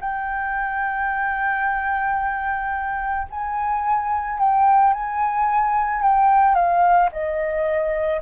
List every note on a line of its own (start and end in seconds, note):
0.00 3.27 G5
3.30 4.38 G#5
4.38 4.93 G5
4.93 6.01 G#5
6.01 6.55 G5
6.55 7.09 F5
7.12 8.21 D#5